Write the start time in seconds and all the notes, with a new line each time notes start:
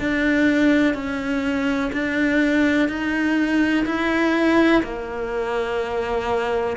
0.00 D4
0.94 C#4
1.93 D4
2.89 D#4
3.86 E4
4.83 A#3